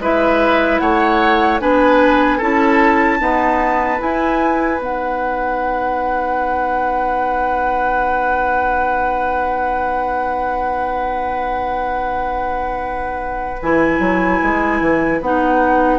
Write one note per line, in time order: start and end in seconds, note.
0.00 0.80 G#3
0.00 1.61 E4
0.00 0.81 B4
0.00 0.79 E5
0.79 1.61 A3
0.79 1.61 C#5
0.79 1.59 F#5
1.61 2.41 B3
1.61 2.41 D4
1.61 2.38 B4
1.61 2.41 G#5
2.38 3.21 C#4
2.38 3.20 E4
2.38 3.18 A4
2.38 4.01 A5
3.20 3.99 B3
3.20 4.01 D#4
3.20 15.99 B4
3.99 4.78 E4
3.99 4.80 E4
3.99 4.81 G#5
4.78 13.60 B3
4.78 13.58 D#4
4.78 13.62 F#5
13.62 13.99 E3
13.62 15.23 E4
13.62 15.22 G#5
13.99 14.39 F#3
14.43 14.81 G#3
14.81 15.21 E3
15.21 15.99 B3
15.21 15.99 D#4
15.21 15.99 F#5